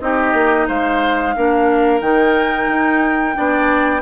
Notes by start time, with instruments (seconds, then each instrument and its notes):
0.00 bassoon C4, clarinet D#4, oboe G4, flute D#5
0.33 bassoon A#3
0.68 bassoon G#3, oboe C5, flute F5
1.36 bassoon A#3, clarinet D4, oboe A#4
2.01 bassoon D#3, clarinet D#4, flute G5
2.68 bassoon D#4
3.34 bassoon B3, clarinet D4, oboe D5